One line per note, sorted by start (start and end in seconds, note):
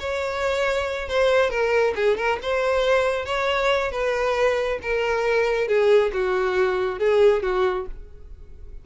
0.00 1.09 C#5
1.09 1.50 C5
1.50 1.94 A#4
1.96 2.17 G#4
2.17 2.39 A#4
2.42 3.26 C5
3.26 3.92 C#5
3.92 4.79 B4
4.82 5.68 A#4
5.68 6.12 G#4
6.13 7.00 F#4
7.00 7.43 G#4
7.43 7.87 F#4